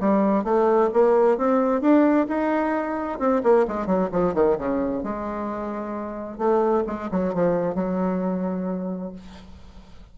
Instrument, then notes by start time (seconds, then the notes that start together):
bassoon
0.00 G3
0.44 A3
0.93 A#3
1.37 C4
1.81 D4
2.28 D#4
3.19 C4
3.43 A#3
3.68 G#3
3.86 F#3
4.12 F3
4.34 D#3
4.58 C#3
5.03 G#3
6.38 A3
6.87 G#3
7.11 F#3
7.34 F3
7.75 F#3